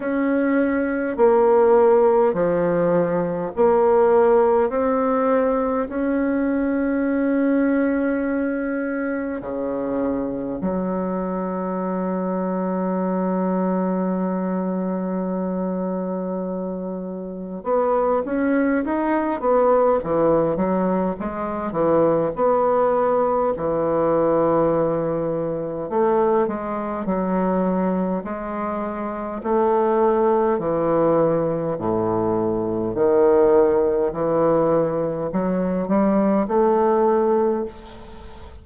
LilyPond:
\new Staff \with { instrumentName = "bassoon" } { \time 4/4 \tempo 4 = 51 cis'4 ais4 f4 ais4 | c'4 cis'2. | cis4 fis2.~ | fis2. b8 cis'8 |
dis'8 b8 e8 fis8 gis8 e8 b4 | e2 a8 gis8 fis4 | gis4 a4 e4 a,4 | dis4 e4 fis8 g8 a4 | }